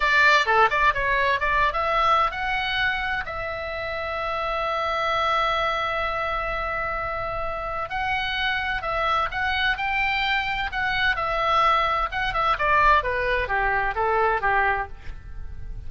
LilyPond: \new Staff \with { instrumentName = "oboe" } { \time 4/4 \tempo 4 = 129 d''4 a'8 d''8 cis''4 d''8. e''16~ | e''4 fis''2 e''4~ | e''1~ | e''1~ |
e''4 fis''2 e''4 | fis''4 g''2 fis''4 | e''2 fis''8 e''8 d''4 | b'4 g'4 a'4 g'4 | }